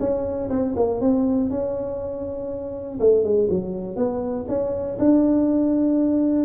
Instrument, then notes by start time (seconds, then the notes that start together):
tuba
0.00 C#4
0.50 C4
0.76 A#3
1.01 C4
1.50 C#4
3.00 A3
3.24 G#3
3.50 F#3
3.96 B3
4.48 C#4
4.99 D4